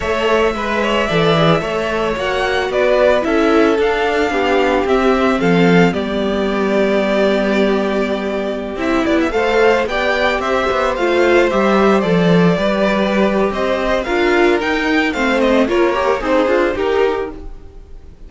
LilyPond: <<
  \new Staff \with { instrumentName = "violin" } { \time 4/4 \tempo 4 = 111 e''1 | fis''4 d''4 e''4 f''4~ | f''4 e''4 f''4 d''4~ | d''1~ |
d''16 e''8 d''16 e''16 f''4 g''4 e''8.~ | e''16 f''4 e''4 d''4.~ d''16~ | d''4 dis''4 f''4 g''4 | f''8 dis''8 cis''4 c''4 ais'4 | }
  \new Staff \with { instrumentName = "violin" } { \time 4/4 cis''4 b'8 cis''8 d''4 cis''4~ | cis''4 b'4 a'2 | g'2 a'4 g'4~ | g'1~ |
g'4~ g'16 c''4 d''4 c''8.~ | c''2.~ c''16 b'8.~ | b'4 c''4 ais'2 | c''4 ais'4 dis'8 f'8 g'4 | }
  \new Staff \with { instrumentName = "viola" } { \time 4/4 a'4 b'4 a'8 gis'8 a'4 | fis'2 e'4 d'4~ | d'4 c'2 b4~ | b1~ |
b16 e'4 a'4 g'4.~ g'16~ | g'16 f'4 g'4 a'4 g'8.~ | g'2 f'4 dis'4 | c'4 f'8 g'8 gis'4 dis'4 | }
  \new Staff \with { instrumentName = "cello" } { \time 4/4 a4 gis4 e4 a4 | ais4 b4 cis'4 d'4 | b4 c'4 f4 g4~ | g1~ |
g16 c'8 b8 a4 b4 c'8 b16~ | b16 a4 g4 f4 g8.~ | g4 c'4 d'4 dis'4 | a4 ais4 c'8 d'8 dis'4 | }
>>